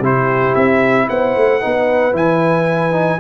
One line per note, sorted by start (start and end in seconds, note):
0.00 0.54 C3
0.00 1.61 E4
0.00 1.06 G4
0.00 0.55 C5
0.55 1.09 C4
0.55 1.08 E5
1.09 1.36 B3
1.09 1.61 C5
1.09 2.15 F#5
1.36 1.63 A3
1.61 2.13 B3
1.61 2.13 D#4
1.61 3.20 B4
2.13 3.19 E3
2.13 2.92 E4
2.13 3.20 G#5
2.92 3.18 D#4